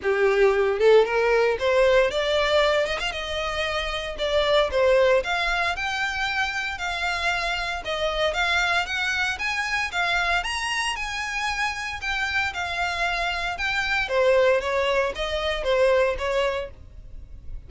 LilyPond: \new Staff \with { instrumentName = "violin" } { \time 4/4 \tempo 4 = 115 g'4. a'8 ais'4 c''4 | d''4. dis''16 f''16 dis''2 | d''4 c''4 f''4 g''4~ | g''4 f''2 dis''4 |
f''4 fis''4 gis''4 f''4 | ais''4 gis''2 g''4 | f''2 g''4 c''4 | cis''4 dis''4 c''4 cis''4 | }